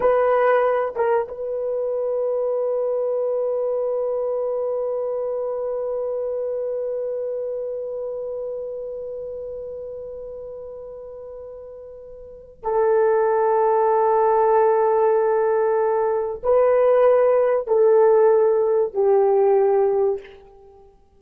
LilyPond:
\new Staff \with { instrumentName = "horn" } { \time 4/4 \tempo 4 = 95 b'4. ais'8 b'2~ | b'1~ | b'1~ | b'1~ |
b'1 | a'1~ | a'2 b'2 | a'2 g'2 | }